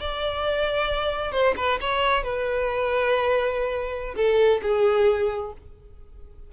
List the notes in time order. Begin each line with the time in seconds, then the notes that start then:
0.00 D5
1.32 C5
1.57 B4
1.81 C#5
2.24 B4
4.16 A4
4.62 G#4